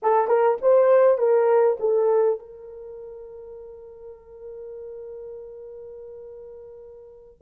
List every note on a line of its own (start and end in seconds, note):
0.02 0.27 A4
0.27 0.57 A#4
0.61 1.17 C5
1.17 1.77 A#4
1.79 2.39 A4
2.39 7.41 A#4